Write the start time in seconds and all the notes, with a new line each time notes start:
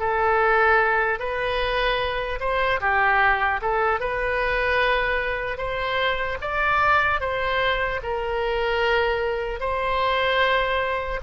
0.00 A4
1.20 B4
2.40 C5
2.81 G4
3.62 A4
4.00 B4
5.58 C5
6.42 D5
7.21 C5
8.03 A#4
9.60 C5